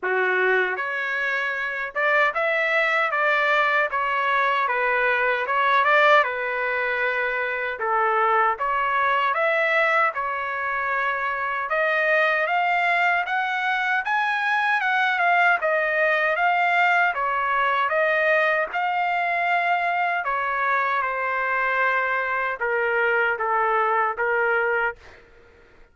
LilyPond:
\new Staff \with { instrumentName = "trumpet" } { \time 4/4 \tempo 4 = 77 fis'4 cis''4. d''8 e''4 | d''4 cis''4 b'4 cis''8 d''8 | b'2 a'4 cis''4 | e''4 cis''2 dis''4 |
f''4 fis''4 gis''4 fis''8 f''8 | dis''4 f''4 cis''4 dis''4 | f''2 cis''4 c''4~ | c''4 ais'4 a'4 ais'4 | }